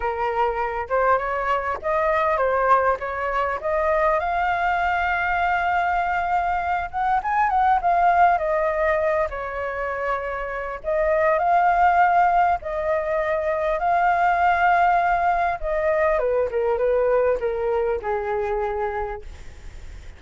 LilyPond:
\new Staff \with { instrumentName = "flute" } { \time 4/4 \tempo 4 = 100 ais'4. c''8 cis''4 dis''4 | c''4 cis''4 dis''4 f''4~ | f''2.~ f''8 fis''8 | gis''8 fis''8 f''4 dis''4. cis''8~ |
cis''2 dis''4 f''4~ | f''4 dis''2 f''4~ | f''2 dis''4 b'8 ais'8 | b'4 ais'4 gis'2 | }